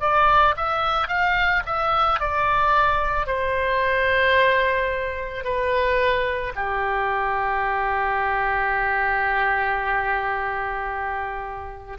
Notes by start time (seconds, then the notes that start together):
0.00 D5
0.56 E5
1.08 F5
1.65 E5
2.20 D5
3.26 C5
5.43 B4
6.55 G4